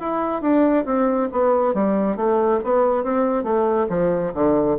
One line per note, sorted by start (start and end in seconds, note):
0.00 0.42 E4
0.42 0.85 D4
0.85 1.29 C4
1.32 1.74 B3
1.74 2.16 G3
2.16 2.60 A3
2.64 3.04 B3
3.04 3.43 C4
3.43 3.87 A3
3.89 4.33 F3
4.34 4.77 D3